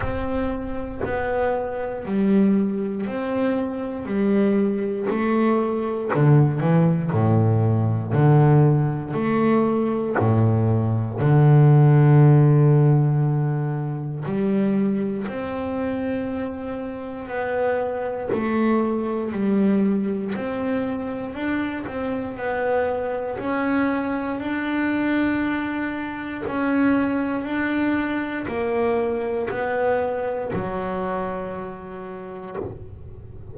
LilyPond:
\new Staff \with { instrumentName = "double bass" } { \time 4/4 \tempo 4 = 59 c'4 b4 g4 c'4 | g4 a4 d8 e8 a,4 | d4 a4 a,4 d4~ | d2 g4 c'4~ |
c'4 b4 a4 g4 | c'4 d'8 c'8 b4 cis'4 | d'2 cis'4 d'4 | ais4 b4 fis2 | }